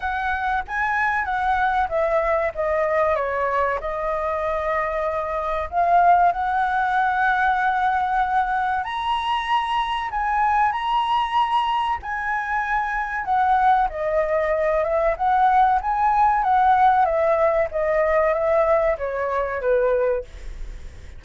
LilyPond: \new Staff \with { instrumentName = "flute" } { \time 4/4 \tempo 4 = 95 fis''4 gis''4 fis''4 e''4 | dis''4 cis''4 dis''2~ | dis''4 f''4 fis''2~ | fis''2 ais''2 |
gis''4 ais''2 gis''4~ | gis''4 fis''4 dis''4. e''8 | fis''4 gis''4 fis''4 e''4 | dis''4 e''4 cis''4 b'4 | }